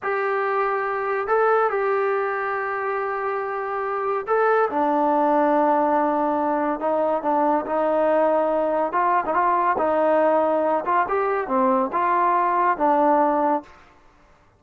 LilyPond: \new Staff \with { instrumentName = "trombone" } { \time 4/4 \tempo 4 = 141 g'2. a'4 | g'1~ | g'2 a'4 d'4~ | d'1 |
dis'4 d'4 dis'2~ | dis'4 f'8. dis'16 f'4 dis'4~ | dis'4. f'8 g'4 c'4 | f'2 d'2 | }